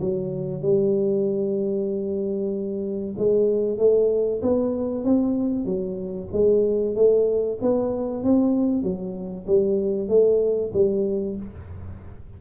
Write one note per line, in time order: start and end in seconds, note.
0.00 0.62 F#3
0.62 3.14 G3
3.17 3.78 G#3
3.78 4.41 A3
4.42 5.04 B3
5.04 5.65 C4
5.65 6.28 F#3
6.32 6.95 G#3
6.95 7.58 A3
7.61 8.23 B3
8.23 8.82 C4
8.82 9.46 F#3
9.47 10.08 G3
10.08 10.71 A3
10.73 11.36 G3